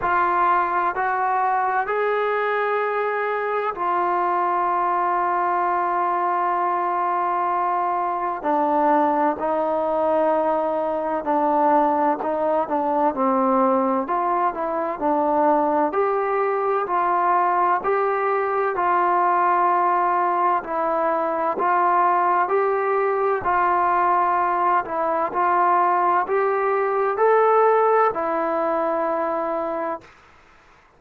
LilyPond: \new Staff \with { instrumentName = "trombone" } { \time 4/4 \tempo 4 = 64 f'4 fis'4 gis'2 | f'1~ | f'4 d'4 dis'2 | d'4 dis'8 d'8 c'4 f'8 e'8 |
d'4 g'4 f'4 g'4 | f'2 e'4 f'4 | g'4 f'4. e'8 f'4 | g'4 a'4 e'2 | }